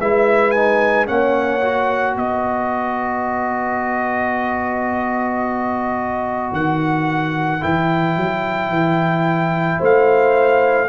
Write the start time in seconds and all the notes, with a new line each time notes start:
0.00 G#3 E4 B4 E5
0.51 D#4 G#5
1.07 A#3 C#4 C#5 F#5
1.62 F#4
2.16 B3 B4 D#5
6.52 D#3 F#5
7.61 E3 E4 G5
8.17 F#3
8.69 E3
9.79 A3 C5 F5